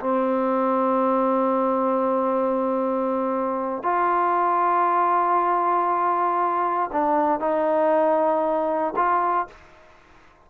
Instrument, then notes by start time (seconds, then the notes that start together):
trombone
0.00 C4
3.83 F4
6.92 D4
7.40 D#4
8.96 F4